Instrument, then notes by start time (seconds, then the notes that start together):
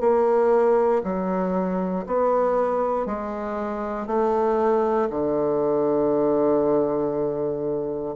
bassoon
0.00 A#3
1.04 F#3
2.06 B3
3.06 G#3
4.06 A3
5.09 D3